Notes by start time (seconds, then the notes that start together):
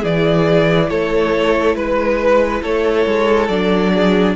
0.00 E3 E4 G#4 D5
0.90 A3 A4 C#5
1.75 G#3 B4
2.62 A3 A4 C#5
3.07 G#3
3.49 F#3 D4 D5
3.95 G#4